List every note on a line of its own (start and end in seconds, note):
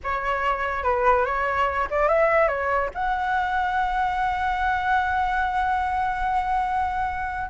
0.03 0.83 C#5
0.83 1.25 B4
1.25 1.87 C#5
1.90 2.08 D5
2.08 2.48 E5
2.48 2.89 C#5
2.94 7.50 F#5